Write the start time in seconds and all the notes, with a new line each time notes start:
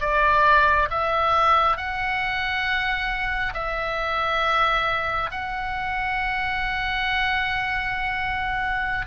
0.00 D5
0.90 E5
1.76 F#5
3.53 E5
5.31 F#5